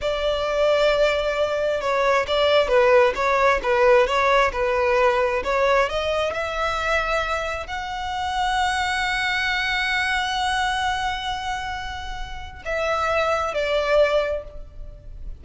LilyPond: \new Staff \with { instrumentName = "violin" } { \time 4/4 \tempo 4 = 133 d''1 | cis''4 d''4 b'4 cis''4 | b'4 cis''4 b'2 | cis''4 dis''4 e''2~ |
e''4 fis''2.~ | fis''1~ | fis''1 | e''2 d''2 | }